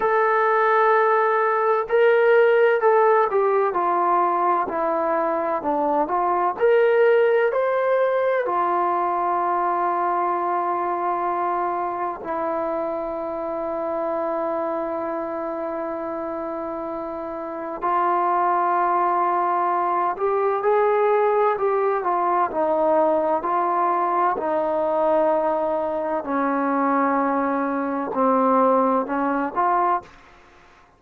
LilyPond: \new Staff \with { instrumentName = "trombone" } { \time 4/4 \tempo 4 = 64 a'2 ais'4 a'8 g'8 | f'4 e'4 d'8 f'8 ais'4 | c''4 f'2.~ | f'4 e'2.~ |
e'2. f'4~ | f'4. g'8 gis'4 g'8 f'8 | dis'4 f'4 dis'2 | cis'2 c'4 cis'8 f'8 | }